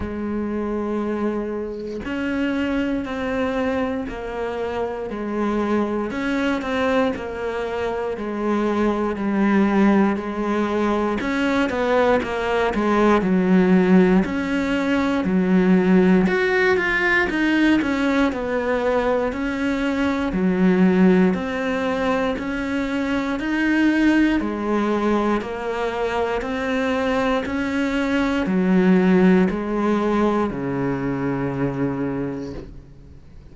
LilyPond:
\new Staff \with { instrumentName = "cello" } { \time 4/4 \tempo 4 = 59 gis2 cis'4 c'4 | ais4 gis4 cis'8 c'8 ais4 | gis4 g4 gis4 cis'8 b8 | ais8 gis8 fis4 cis'4 fis4 |
fis'8 f'8 dis'8 cis'8 b4 cis'4 | fis4 c'4 cis'4 dis'4 | gis4 ais4 c'4 cis'4 | fis4 gis4 cis2 | }